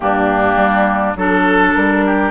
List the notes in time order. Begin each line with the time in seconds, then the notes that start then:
0.00 G2 A#3 D4 G4
0.56 G3
1.15 F#3 D4 A4
1.74 G3 A#4
2.06 G4